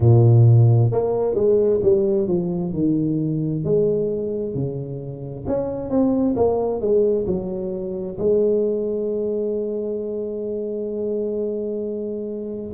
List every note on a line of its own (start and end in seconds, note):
0.00 0.91 A#2
0.91 1.34 A#3
1.34 1.80 G#3
1.82 2.27 G3
2.27 2.73 F3
2.73 3.64 D#3
3.64 4.54 G#3
4.54 5.45 C#3
5.47 5.90 C#4
5.90 6.35 C4
6.36 6.80 A#3
6.80 7.26 G#3
7.26 8.17 F#3
8.18 12.73 G#3